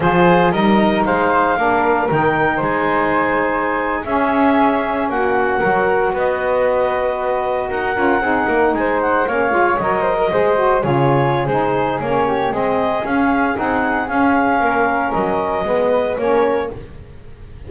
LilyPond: <<
  \new Staff \with { instrumentName = "clarinet" } { \time 4/4 \tempo 4 = 115 c''4 dis''4 f''2 | g''4 gis''2~ gis''8. e''16~ | e''4.~ e''16 fis''2 dis''16~ | dis''2~ dis''8. fis''4~ fis''16~ |
fis''8. gis''8 fis''8 f''4 dis''4~ dis''16~ | dis''8. cis''4~ cis''16 c''4 cis''4 | dis''4 f''4 fis''4 f''4~ | f''4 dis''2 cis''4 | }
  \new Staff \with { instrumentName = "flute" } { \time 4/4 gis'4 ais'4 c''4 ais'4~ | ais'4 c''2~ c''8. gis'16~ | gis'4.~ gis'16 fis'4 ais'4 b'16~ | b'2~ b'8. ais'4 gis'16~ |
gis'16 ais'8 c''4 cis''4. c''16 ais'16 c''16~ | c''8. gis'2~ gis'8. g'8 | gis'1 | ais'2 b'4 ais'4 | }
  \new Staff \with { instrumentName = "saxophone" } { \time 4/4 f'4 dis'2 d'4 | dis'2.~ dis'8. cis'16~ | cis'2~ cis'8. fis'4~ fis'16~ | fis'2.~ fis'16 f'8 dis'16~ |
dis'4.~ dis'16 cis'8 f'8 ais'4 gis'16~ | gis'16 fis'8 f'4~ f'16 dis'4 cis'4 | c'4 cis'4 dis'4 cis'4~ | cis'2 b4 cis'4 | }
  \new Staff \with { instrumentName = "double bass" } { \time 4/4 f4 g4 gis4 ais4 | dis4 gis2~ gis8. cis'16~ | cis'4.~ cis'16 ais4 fis4 b16~ | b2~ b8. dis'8 cis'8 c'16~ |
c'16 ais8 gis4 ais8 gis8 fis4 gis16~ | gis8. cis4~ cis16 gis4 ais4 | gis4 cis'4 c'4 cis'4 | ais4 fis4 gis4 ais4 | }
>>